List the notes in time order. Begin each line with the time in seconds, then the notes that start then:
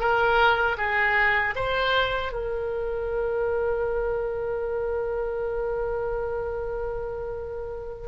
0.00 A#4
0.78 G#4
1.56 C5
2.33 A#4